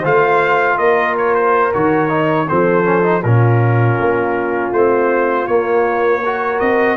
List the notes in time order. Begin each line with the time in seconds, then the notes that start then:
0.00 A3 F4 C5 F5
0.78 A#3 A#4 D#5
1.18 C#5
1.35 C5
1.74 D#3 F#4 C#5
2.09 D#4
2.48 F3 C4 A4 C5
2.84 C#4
3.03 D#4
3.22 A#2 C#4 F4 A#4
3.99 A#3
4.73 A3 C4 C5
5.47 A#3 C#5
6.23 F#4 A#4
6.60 C4 D#5